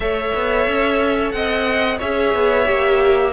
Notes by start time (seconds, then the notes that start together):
0.00 A3 A4 C#5 E5
0.34 B3
0.67 C#4
1.31 C4 D#5 F#5
1.98 C#4 G#4 C#5 E5
2.34 B3
2.65 A#3 G4